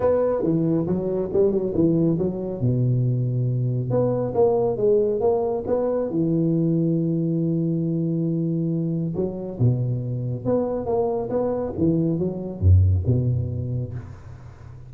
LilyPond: \new Staff \with { instrumentName = "tuba" } { \time 4/4 \tempo 4 = 138 b4 e4 fis4 g8 fis8 | e4 fis4 b,2~ | b,4 b4 ais4 gis4 | ais4 b4 e2~ |
e1~ | e4 fis4 b,2 | b4 ais4 b4 e4 | fis4 fis,4 b,2 | }